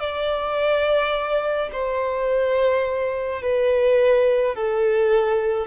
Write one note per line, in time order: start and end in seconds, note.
0.00 1.70 D5
1.72 3.42 C5
3.42 4.55 B4
4.55 5.67 A4